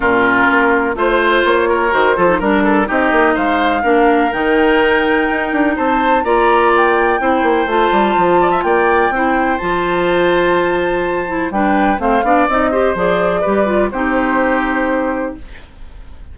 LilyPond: <<
  \new Staff \with { instrumentName = "flute" } { \time 4/4 \tempo 4 = 125 ais'2 c''4 cis''4 | c''4 ais'4 dis''4 f''4~ | f''4 g''2. | a''4 ais''4 g''2 |
a''2 g''2 | a''1 | g''4 f''4 dis''4 d''4~ | d''4 c''2. | }
  \new Staff \with { instrumentName = "oboe" } { \time 4/4 f'2 c''4. ais'8~ | ais'8 a'8 ais'8 a'8 g'4 c''4 | ais'1 | c''4 d''2 c''4~ |
c''4. d''16 e''16 d''4 c''4~ | c''1 | b'4 c''8 d''4 c''4. | b'4 g'2. | }
  \new Staff \with { instrumentName = "clarinet" } { \time 4/4 cis'2 f'2 | fis'8 f'16 dis'16 d'4 dis'2 | d'4 dis'2.~ | dis'4 f'2 e'4 |
f'2. e'4 | f'2.~ f'8 e'8 | d'4 c'8 d'8 dis'8 g'8 gis'4 | g'8 f'8 dis'2. | }
  \new Staff \with { instrumentName = "bassoon" } { \time 4/4 ais,4 ais4 a4 ais4 | dis8 f8 g4 c'8 ais8 gis4 | ais4 dis2 dis'8 d'8 | c'4 ais2 c'8 ais8 |
a8 g8 f4 ais4 c'4 | f1 | g4 a8 b8 c'4 f4 | g4 c'2. | }
>>